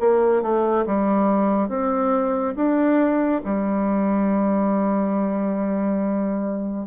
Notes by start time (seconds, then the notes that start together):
0.00 A#3
0.42 A3
0.86 G3
1.69 C4
2.56 D4
3.45 G3